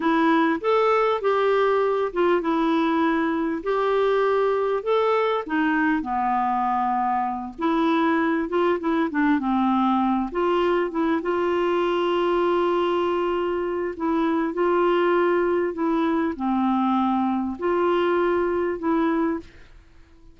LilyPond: \new Staff \with { instrumentName = "clarinet" } { \time 4/4 \tempo 4 = 99 e'4 a'4 g'4. f'8 | e'2 g'2 | a'4 dis'4 b2~ | b8 e'4. f'8 e'8 d'8 c'8~ |
c'4 f'4 e'8 f'4.~ | f'2. e'4 | f'2 e'4 c'4~ | c'4 f'2 e'4 | }